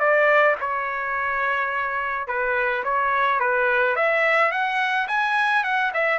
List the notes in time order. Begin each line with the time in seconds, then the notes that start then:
0.00 D5
0.60 C#5
2.28 B4
2.84 C#5
3.40 B4
3.96 E5
4.52 F#5
5.08 G#5
5.64 F#5
5.94 E5